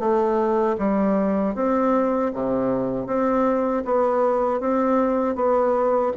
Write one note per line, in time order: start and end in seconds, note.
0.00 0.77 A3
0.79 1.56 G3
1.56 2.33 C4
2.34 3.07 C3
3.07 3.84 C4
3.85 4.61 B3
4.61 5.36 C4
5.36 6.13 B3